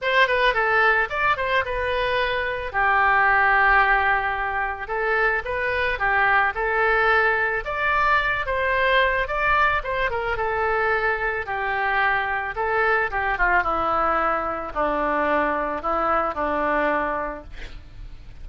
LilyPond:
\new Staff \with { instrumentName = "oboe" } { \time 4/4 \tempo 4 = 110 c''8 b'8 a'4 d''8 c''8 b'4~ | b'4 g'2.~ | g'4 a'4 b'4 g'4 | a'2 d''4. c''8~ |
c''4 d''4 c''8 ais'8 a'4~ | a'4 g'2 a'4 | g'8 f'8 e'2 d'4~ | d'4 e'4 d'2 | }